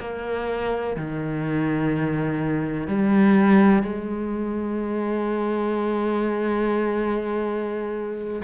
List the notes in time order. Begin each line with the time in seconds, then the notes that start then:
0.00 A#3
0.96 D#3
2.87 G3
3.83 G#3